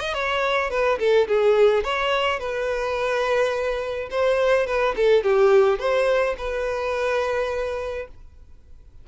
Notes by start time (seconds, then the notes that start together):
0.00 D#5
0.14 C#5
0.70 B4
0.99 A4
1.28 G#4
1.84 C#5
2.40 B4
4.11 C5
4.67 B4
4.97 A4
5.24 G4
5.79 C5
6.38 B4